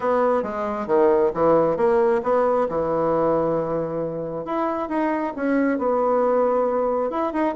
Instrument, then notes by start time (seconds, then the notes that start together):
bassoon
0.00 B3
0.43 G#3
0.86 D#3
1.34 E3
1.77 A#3
2.23 B3
2.68 E3
4.45 E4
4.88 D#4
5.36 C#4
5.78 B3
7.10 E4
7.32 D#4